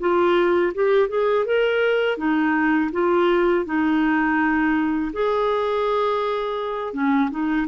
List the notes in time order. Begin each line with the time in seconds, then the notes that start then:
0.00 F4
0.74 G4
1.09 G#4
1.46 A#4
2.18 D#4
2.92 F4
3.66 D#4
5.13 G#4
6.93 C#4
7.31 D#4